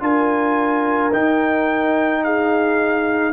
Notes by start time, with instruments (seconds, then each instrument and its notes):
0.00 tuba D4, trombone F4, horn A#4, trumpet G#5
1.12 tuba D#4, trombone D#4, trumpet G5
2.23 horn G#4, trumpet F5